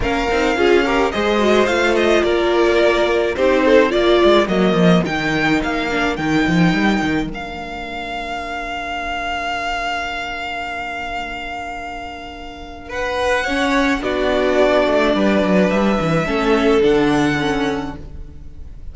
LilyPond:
<<
  \new Staff \with { instrumentName = "violin" } { \time 4/4 \tempo 4 = 107 f''2 dis''4 f''8 dis''8 | d''2 c''4 d''4 | dis''4 g''4 f''4 g''4~ | g''4 f''2.~ |
f''1~ | f''2. fis''4~ | fis''4 d''2. | e''2 fis''2 | }
  \new Staff \with { instrumentName = "violin" } { \time 4/4 ais'4 gis'8 ais'8 c''2 | ais'2 g'8 a'8 ais'4~ | ais'1~ | ais'1~ |
ais'1~ | ais'2. b'4 | cis''4 fis'2 b'4~ | b'4 a'2. | }
  \new Staff \with { instrumentName = "viola" } { \time 4/4 cis'8 dis'8 f'8 g'8 gis'8 fis'8 f'4~ | f'2 dis'4 f'4 | ais4 dis'4. d'8 dis'4~ | dis'4 d'2.~ |
d'1~ | d'1 | cis'4 d'2.~ | d'4 cis'4 d'4 cis'4 | }
  \new Staff \with { instrumentName = "cello" } { \time 4/4 ais8 c'8 cis'4 gis4 a4 | ais2 c'4 ais8 gis8 | fis8 f8 dis4 ais4 dis8 f8 | g8 dis8 ais2.~ |
ais1~ | ais1~ | ais4 b4. a8 g8 fis8 | g8 e8 a4 d2 | }
>>